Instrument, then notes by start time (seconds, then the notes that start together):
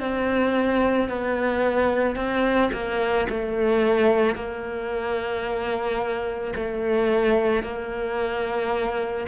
cello
0.00 C4
1.10 B3
2.16 C4
2.73 A#3
3.30 A3
4.36 A#3
6.56 A3
7.64 A#3